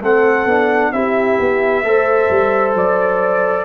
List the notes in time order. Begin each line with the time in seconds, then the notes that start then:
0.00 A3 C4 A4 F#5
0.46 B3 D4
0.92 C4 E4 G4 E5
1.39 B3
1.84 A3 A4 C5
2.30 G3
2.75 F#3 D5